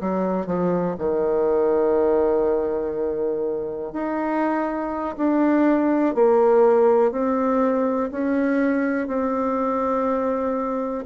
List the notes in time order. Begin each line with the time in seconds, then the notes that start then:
0.00 F#3
0.46 F3
0.98 D#3
3.93 D#4
5.17 D4
6.15 A#3
7.12 C4
8.11 C#4
9.08 C4